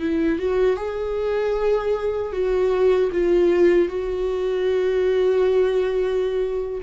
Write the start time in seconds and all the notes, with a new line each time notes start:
0.00 E4
0.39 F#4
0.77 G#4
2.33 F#4
3.12 F4
3.89 F#4